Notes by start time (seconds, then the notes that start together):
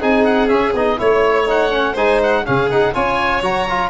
0.00 C4 D#4 G#4 G#5
0.24 F#5
0.48 C#4 E5
0.73 B3 D#4 D#5
0.98 A3 E4 C#5
1.46 D#4 F#5
1.71 C#4
1.93 G#3 D#4 C5 G#5
2.22 F#5
2.45 C#3 C#4 G#4 F5
2.69 D#4 F#5
2.93 C#4 F4 C#5 G#5
3.41 F#3 F#4 A#5
3.69 F4